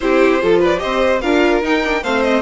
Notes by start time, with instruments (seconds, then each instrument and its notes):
0.00 bassoon C4, viola E4, violin G4 C5
0.41 bassoon F3, viola F4, violin A4
0.59 violin B4 D5
0.77 viola G4, violin C5 D#5
0.83 bassoon C4
1.21 bassoon D4, viola F4, violin A#4 F5
1.62 bassoon D#4, viola D#4, violin G5
1.83 viola D4
2.02 bassoon A3, viola C4, violin C5 F5
2.22 violin D#5